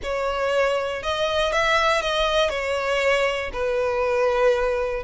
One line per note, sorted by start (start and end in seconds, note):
0.02 1.02 C#5
1.02 1.52 D#5
1.52 2.01 E5
2.01 2.49 D#5
2.49 3.50 C#5
3.52 5.03 B4